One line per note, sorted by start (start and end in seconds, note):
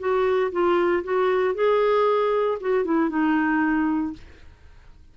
0.00 0.52 F#4
0.52 1.04 F4
1.04 1.55 F#4
1.55 2.58 G#4
2.61 2.85 F#4
2.85 3.10 E4
3.10 4.13 D#4